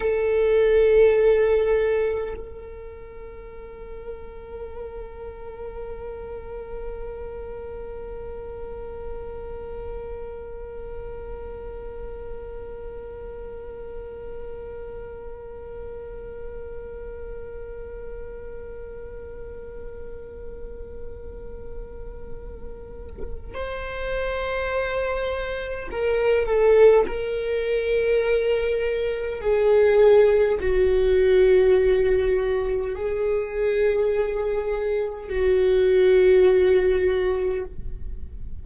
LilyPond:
\new Staff \with { instrumentName = "viola" } { \time 4/4 \tempo 4 = 51 a'2 ais'2~ | ais'1~ | ais'1~ | ais'1~ |
ais'1 | c''2 ais'8 a'8 ais'4~ | ais'4 gis'4 fis'2 | gis'2 fis'2 | }